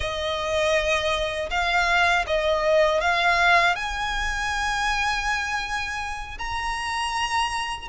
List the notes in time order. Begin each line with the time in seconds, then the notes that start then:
0.00 D#5
1.50 F5
2.27 D#5
3.00 F5
3.75 G#5
6.38 A#5